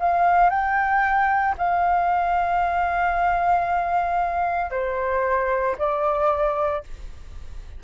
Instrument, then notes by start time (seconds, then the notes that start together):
flute
0.00 F5
0.50 G5
1.58 F5
4.71 C5
5.79 D5